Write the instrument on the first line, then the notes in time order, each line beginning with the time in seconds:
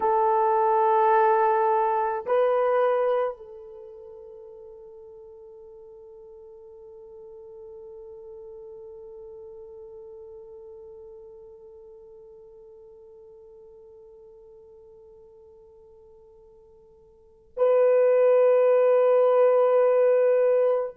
horn
0.00 A4
2.25 B4
3.37 A4
17.56 B4